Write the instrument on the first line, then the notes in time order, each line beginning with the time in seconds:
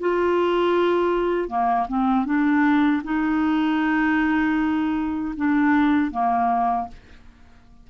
clarinet
0.00 F4
1.48 A#3
1.88 C4
2.25 D4
3.04 D#4
5.36 D4
6.11 A#3